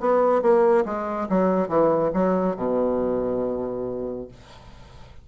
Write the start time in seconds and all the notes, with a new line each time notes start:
0.00 B3
0.42 A#3
0.85 G#3
1.29 F#3
1.68 E3
2.14 F#3
2.57 B2